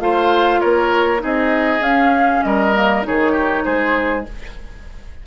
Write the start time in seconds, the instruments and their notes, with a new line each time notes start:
0.00 bassoon A3, clarinet F4, oboe C5, flute F5
0.61 bassoon A#3, oboe A#4, flute C#5
1.18 bassoon C4, clarinet D#4, oboe G#4
1.25 flute D#5
1.80 bassoon C#4, clarinet C#4, flute F5
2.43 bassoon G3, oboe A#4, flute D#5
2.75 clarinet A#3
3.03 bassoon D#3, clarinet D#4, oboe G#4, flute C#5
3.32 oboe G4
3.65 bassoon G#3, oboe G#4, flute C5